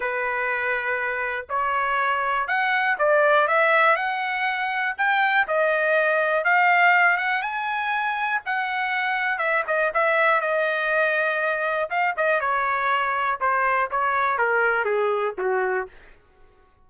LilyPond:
\new Staff \with { instrumentName = "trumpet" } { \time 4/4 \tempo 4 = 121 b'2. cis''4~ | cis''4 fis''4 d''4 e''4 | fis''2 g''4 dis''4~ | dis''4 f''4. fis''8 gis''4~ |
gis''4 fis''2 e''8 dis''8 | e''4 dis''2. | f''8 dis''8 cis''2 c''4 | cis''4 ais'4 gis'4 fis'4 | }